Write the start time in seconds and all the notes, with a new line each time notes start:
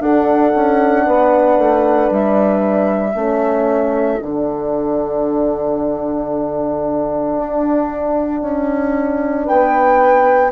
0.00 D4 A4 F#5
0.55 C#4
1.06 B3 B4
1.58 A3
2.11 G3 E5
3.15 A3 C#4 A4
4.22 D3 D4 F#5
7.38 D4
8.42 C#4
9.45 B3 B4 G5